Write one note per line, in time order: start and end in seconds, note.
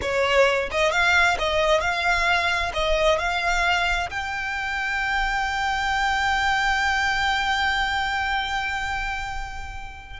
0.01 0.69 C#5
0.71 0.91 D#5
0.91 1.37 F5
1.38 1.81 D#5
1.81 2.71 F5
2.73 3.18 D#5
3.18 4.09 F5
4.10 10.20 G5